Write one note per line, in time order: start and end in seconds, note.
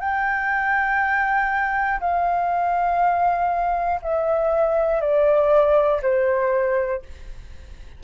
0.00 2.00 G5
2.00 4.00 F5
4.02 5.01 E5
5.01 6.01 D5
6.02 7.02 C5